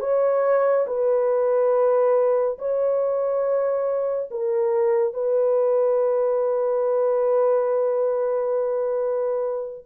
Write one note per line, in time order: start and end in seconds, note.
0.00 0.86 C#5
0.86 2.58 B4
2.58 4.29 C#5
4.31 5.14 A#4
5.14 9.85 B4